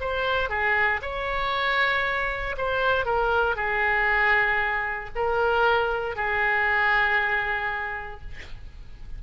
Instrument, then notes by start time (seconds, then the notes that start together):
oboe
0.00 C5
0.49 G#4
1.02 C#5
2.57 C5
3.05 A#4
3.56 G#4
5.15 A#4
6.16 G#4